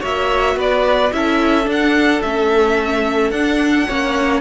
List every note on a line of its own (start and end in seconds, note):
0.00 0.55 A#3
0.00 1.11 F#4
0.00 0.55 C#5
0.00 0.59 E5
0.55 1.10 B3
0.55 1.12 B4
0.55 1.12 D5
1.12 1.67 C#4
1.12 1.63 E4
1.12 3.87 A4
1.12 1.67 E5
1.63 2.18 D4
1.63 2.22 D4
1.71 2.22 F#5
2.22 3.31 A3
2.22 3.33 C#4
2.22 3.31 E5
3.31 3.86 D4
3.31 3.87 D4
3.31 4.41 F#5
3.87 4.41 A#3
3.87 4.41 C#4
3.87 4.41 C#5